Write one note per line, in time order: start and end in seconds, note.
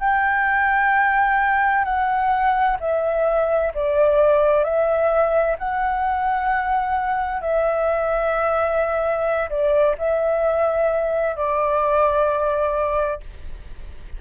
0.00 1.84 G5
1.84 2.77 F#5
2.79 3.72 E5
3.74 4.64 D5
4.64 5.56 E5
5.58 7.41 F#5
7.41 9.49 E5
9.49 9.95 D5
9.98 11.35 E5
11.35 13.20 D5